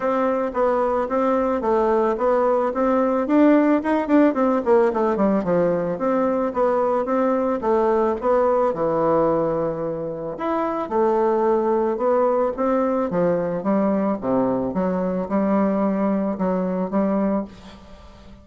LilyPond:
\new Staff \with { instrumentName = "bassoon" } { \time 4/4 \tempo 4 = 110 c'4 b4 c'4 a4 | b4 c'4 d'4 dis'8 d'8 | c'8 ais8 a8 g8 f4 c'4 | b4 c'4 a4 b4 |
e2. e'4 | a2 b4 c'4 | f4 g4 c4 fis4 | g2 fis4 g4 | }